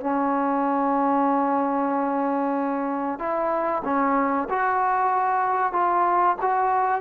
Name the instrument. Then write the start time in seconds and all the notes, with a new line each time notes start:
trombone
0.00 C#4
3.19 E4
3.84 C#4
4.49 F#4
5.72 F4
6.41 F#4